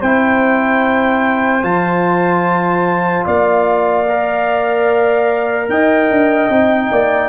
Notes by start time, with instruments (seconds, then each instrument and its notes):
0.00 tuba C4, trombone E4, horn C5, trumpet G5
1.62 tuba F3, trombone F4, trumpet A5
3.25 tuba A#3, horn D5, trumpet F5
4.09 trombone A#4
5.68 tuba D#4, horn D#5, trumpet G5
6.10 tuba D4
6.49 tuba C4, trombone D#4
6.91 tuba A#3, horn D5